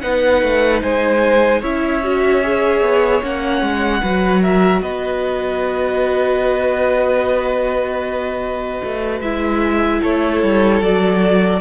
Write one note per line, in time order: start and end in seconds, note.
0.00 0.42 B3
0.00 1.61 D#4
0.00 0.82 B4
0.00 0.80 F#5
0.42 0.82 A3
0.82 1.62 G#3
0.82 1.61 C5
0.82 1.62 G#5
1.61 2.81 C#4
1.61 2.02 E4
1.61 4.00 C#5
1.61 3.23 E5
2.03 2.43 F#4
2.43 3.22 G#4
2.81 3.21 B3
3.22 3.61 A#3
3.22 4.02 C#4
3.22 4.43 F#5
3.61 4.01 G#3
4.02 4.81 F#3
4.02 9.23 F#4
4.02 4.42 B4
4.42 4.82 A#4
4.42 4.82 E5
4.81 8.81 B3
4.81 10.00 B4
4.81 9.20 D#5
8.83 9.20 A3
9.20 10.00 G#3
9.20 10.82 E4
9.20 10.00 E5
10.00 10.42 A3
10.00 11.60 A4
10.00 10.82 C#5
10.42 10.81 G3
10.81 11.60 F#3
10.81 11.60 F#4
10.81 11.60 D5